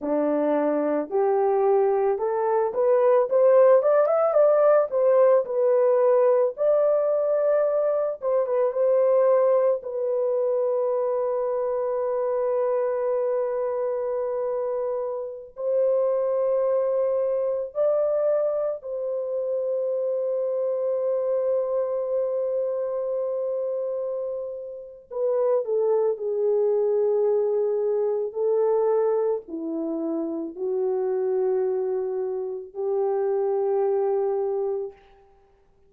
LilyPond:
\new Staff \with { instrumentName = "horn" } { \time 4/4 \tempo 4 = 55 d'4 g'4 a'8 b'8 c''8 d''16 e''16 | d''8 c''8 b'4 d''4. c''16 b'16 | c''4 b'2.~ | b'2~ b'16 c''4.~ c''16~ |
c''16 d''4 c''2~ c''8.~ | c''2. b'8 a'8 | gis'2 a'4 e'4 | fis'2 g'2 | }